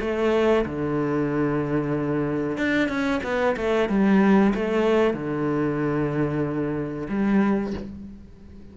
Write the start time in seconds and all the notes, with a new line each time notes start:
0.00 A3
0.65 D3
2.57 D4
2.88 C#4
3.23 B3
3.56 A3
3.89 G3
4.54 A3
5.14 D3
7.09 G3